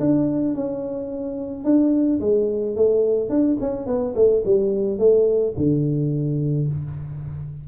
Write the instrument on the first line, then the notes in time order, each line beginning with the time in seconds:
tuba
0.00 D4
0.55 C#4
1.65 D4
2.20 G#3
2.76 A3
3.30 D4
3.61 C#4
3.87 B3
4.16 A3
4.45 G3
4.99 A3
5.57 D3